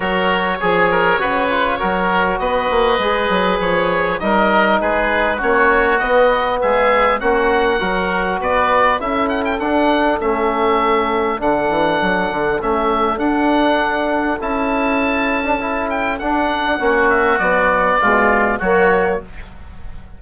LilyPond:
<<
  \new Staff \with { instrumentName = "oboe" } { \time 4/4 \tempo 4 = 100 cis''1 | dis''2 cis''4 dis''4 | b'4 cis''4 dis''4 e''4 | fis''2 d''4 e''8 fis''16 g''16 |
fis''4 e''2 fis''4~ | fis''4 e''4 fis''2 | a''2~ a''8 g''8 fis''4~ | fis''8 e''8 d''2 cis''4 | }
  \new Staff \with { instrumentName = "oboe" } { \time 4/4 ais'4 gis'8 ais'8 b'4 ais'4 | b'2. ais'4 | gis'4 fis'2 gis'4 | fis'4 ais'4 b'4 a'4~ |
a'1~ | a'1~ | a'1 | fis'2 f'4 fis'4 | }
  \new Staff \with { instrumentName = "trombone" } { \time 4/4 fis'4 gis'4 fis'8 f'8 fis'4~ | fis'4 gis'2 dis'4~ | dis'4 cis'4 b2 | cis'4 fis'2 e'4 |
d'4 cis'2 d'4~ | d'4 cis'4 d'2 | e'4.~ e'16 d'16 e'4 d'4 | cis'4 fis4 gis4 ais4 | }
  \new Staff \with { instrumentName = "bassoon" } { \time 4/4 fis4 f4 cis4 fis4 | b8 ais8 gis8 fis8 f4 g4 | gis4 ais4 b4 gis4 | ais4 fis4 b4 cis'4 |
d'4 a2 d8 e8 | fis8 d8 a4 d'2 | cis'2. d'4 | ais4 b4 b,4 fis4 | }
>>